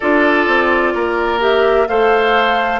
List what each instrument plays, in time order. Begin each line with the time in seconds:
0.00 bassoon D4, clarinet F4, oboe A4, flute D5
0.46 bassoon C4
0.94 bassoon A#3, oboe A#4
1.39 clarinet G4, flute E5
1.87 bassoon A3, clarinet A4, oboe C5, flute F5